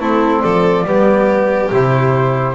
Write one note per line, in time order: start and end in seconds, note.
0.00 0.43 A3
0.00 0.86 C4
0.00 0.43 E4
0.00 0.42 A4
0.42 0.85 F3
0.42 0.86 A4
0.42 1.70 D5
0.85 1.71 G3
0.85 1.72 B3
0.85 2.55 G4
1.71 2.55 C3
1.71 2.55 E4
1.71 2.55 C5